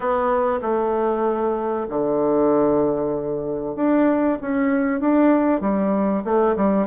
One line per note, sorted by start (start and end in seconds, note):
0.00 0.59 B3
0.61 1.86 A3
1.89 3.75 D3
3.75 4.38 D4
4.41 5.00 C#4
5.00 5.61 D4
5.61 6.23 G3
6.24 6.55 A3
6.56 6.87 G3